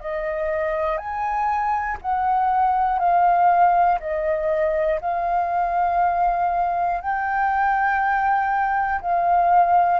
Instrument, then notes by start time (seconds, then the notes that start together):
flute
0.00 D#5
0.97 G#5
2.01 F#5
2.98 F5
4.00 D#5
5.00 F5
7.00 G5
9.00 F5